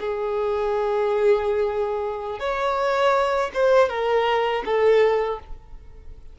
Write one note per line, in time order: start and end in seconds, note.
0.00 2.40 G#4
2.40 3.51 C#5
3.54 3.90 C5
3.90 4.64 A#4
4.66 5.40 A4